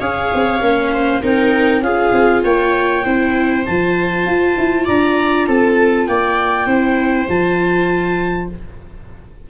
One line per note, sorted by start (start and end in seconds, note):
0.00 0.30 C#4
0.00 0.60 G#4
0.00 0.91 C#5
0.00 1.22 F5
0.34 0.61 C4
0.60 1.21 A#3
0.60 1.21 C#4
0.93 1.22 C5
1.22 1.81 C4
1.22 1.82 D#4
1.22 1.83 A#4
1.22 1.82 G5
1.81 2.11 C#4
1.81 3.03 F4
1.81 2.44 G#4
1.81 2.43 F5
2.12 2.42 C4
2.44 3.05 A#3
2.44 3.04 C#5
2.44 3.65 G5
3.04 3.66 C4
3.04 3.65 E4
3.04 4.85 C5
3.65 4.25 F3
3.65 6.67 F4
3.65 4.86 A5
4.25 4.56 F4
4.57 4.87 E4
4.85 5.47 D4
4.85 5.45 D5
4.85 5.47 A#5
5.47 6.08 C4
5.47 6.07 A4
5.47 6.07 A5
6.07 6.66 A#3
6.07 6.66 D5
6.07 7.28 G5
6.66 7.27 C4
6.66 7.27 E4
6.66 8.48 C5
7.27 8.50 F3
7.27 8.49 F4
7.27 8.50 A5